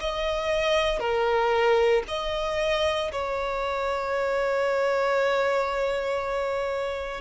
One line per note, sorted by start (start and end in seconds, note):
0.00 1.00 D#5
1.00 2.03 A#4
2.08 3.11 D#5
3.12 7.21 C#5